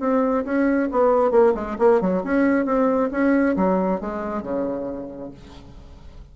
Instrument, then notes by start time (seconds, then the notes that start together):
bassoon
0.00 C4
0.45 C#4
0.92 B3
1.31 A#3
1.55 G#3
1.79 A#3
2.01 F#3
2.24 C#4
2.65 C4
3.12 C#4
3.56 F#3
4.01 G#3
4.42 C#3